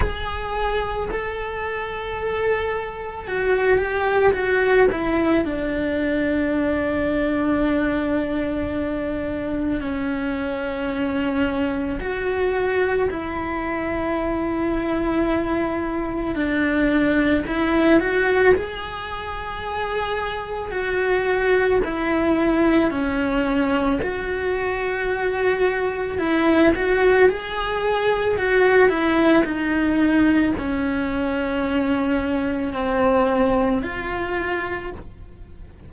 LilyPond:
\new Staff \with { instrumentName = "cello" } { \time 4/4 \tempo 4 = 55 gis'4 a'2 fis'8 g'8 | fis'8 e'8 d'2.~ | d'4 cis'2 fis'4 | e'2. d'4 |
e'8 fis'8 gis'2 fis'4 | e'4 cis'4 fis'2 | e'8 fis'8 gis'4 fis'8 e'8 dis'4 | cis'2 c'4 f'4 | }